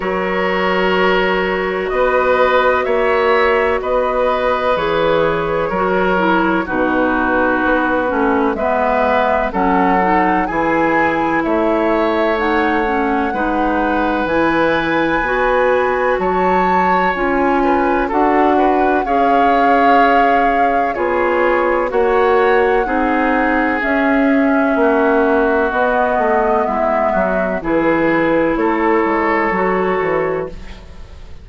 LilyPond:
<<
  \new Staff \with { instrumentName = "flute" } { \time 4/4 \tempo 4 = 63 cis''2 dis''4 e''4 | dis''4 cis''2 b'4~ | b'4 e''4 fis''4 gis''4 | e''4 fis''2 gis''4~ |
gis''4 a''4 gis''4 fis''4 | f''2 cis''4 fis''4~ | fis''4 e''2 dis''4 | e''4 b'4 cis''2 | }
  \new Staff \with { instrumentName = "oboe" } { \time 4/4 ais'2 b'4 cis''4 | b'2 ais'4 fis'4~ | fis'4 b'4 a'4 gis'4 | cis''2 b'2~ |
b'4 cis''4. b'8 a'8 b'8 | cis''2 gis'4 cis''4 | gis'2 fis'2 | e'8 fis'8 gis'4 a'2 | }
  \new Staff \with { instrumentName = "clarinet" } { \time 4/4 fis'1~ | fis'4 gis'4 fis'8 e'8 dis'4~ | dis'8 cis'8 b4 cis'8 dis'8 e'4~ | e'4 dis'8 cis'8 dis'4 e'4 |
fis'2 f'4 fis'4 | gis'2 f'4 fis'4 | dis'4 cis'2 b4~ | b4 e'2 fis'4 | }
  \new Staff \with { instrumentName = "bassoon" } { \time 4/4 fis2 b4 ais4 | b4 e4 fis4 b,4 | b8 a8 gis4 fis4 e4 | a2 gis4 e4 |
b4 fis4 cis'4 d'4 | cis'2 b4 ais4 | c'4 cis'4 ais4 b8 a8 | gis8 fis8 e4 a8 gis8 fis8 e8 | }
>>